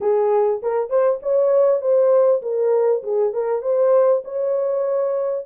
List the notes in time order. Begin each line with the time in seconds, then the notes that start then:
0.00 G#4
0.62 A#4
0.89 C5
1.22 C#5
1.81 C5
2.42 A#4
3.03 G#4
3.33 A#4
3.62 C5
4.24 C#5